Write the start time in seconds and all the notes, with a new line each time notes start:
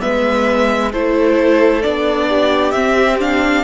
0.00 G#3 B3 B4 E5
0.93 A3 E4 A4 C5
1.82 B3 D4 D5
2.29 G4
2.71 C4 E5
3.20 D4 F5